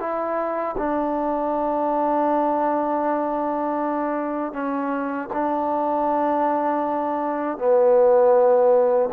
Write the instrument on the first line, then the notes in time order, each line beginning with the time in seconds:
trombone
0.00 E4
0.78 D4
4.53 C#4
5.34 D4
7.58 B3